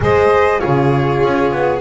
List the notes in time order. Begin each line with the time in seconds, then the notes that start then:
0.00 G#3 G#4 C5 D#5
0.59 C#3 F4 G#4 C#5
1.23 C#4
1.51 B3